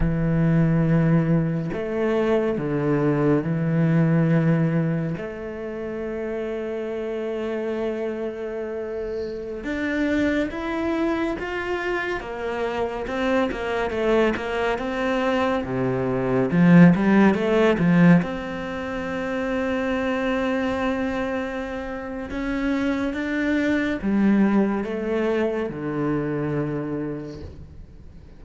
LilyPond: \new Staff \with { instrumentName = "cello" } { \time 4/4 \tempo 4 = 70 e2 a4 d4 | e2 a2~ | a2.~ a16 d'8.~ | d'16 e'4 f'4 ais4 c'8 ais16~ |
ais16 a8 ais8 c'4 c4 f8 g16~ | g16 a8 f8 c'2~ c'8.~ | c'2 cis'4 d'4 | g4 a4 d2 | }